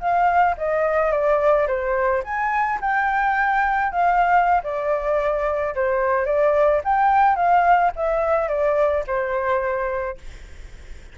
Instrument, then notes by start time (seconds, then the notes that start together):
flute
0.00 F5
0.58 D#5
1.12 D5
1.67 C5
2.24 G#5
2.81 G5
3.92 F5
4.64 D5
5.75 C5
6.26 D5
6.84 G5
7.36 F5
7.96 E5
8.49 D5
9.07 C5